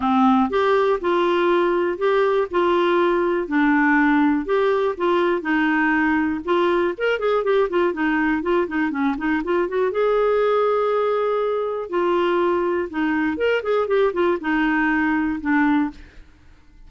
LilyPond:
\new Staff \with { instrumentName = "clarinet" } { \time 4/4 \tempo 4 = 121 c'4 g'4 f'2 | g'4 f'2 d'4~ | d'4 g'4 f'4 dis'4~ | dis'4 f'4 ais'8 gis'8 g'8 f'8 |
dis'4 f'8 dis'8 cis'8 dis'8 f'8 fis'8 | gis'1 | f'2 dis'4 ais'8 gis'8 | g'8 f'8 dis'2 d'4 | }